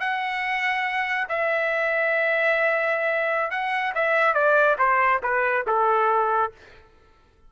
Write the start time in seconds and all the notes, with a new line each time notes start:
0.00 F#5
1.29 E5
3.51 F#5
3.95 E5
4.34 D5
4.79 C5
5.23 B4
5.67 A4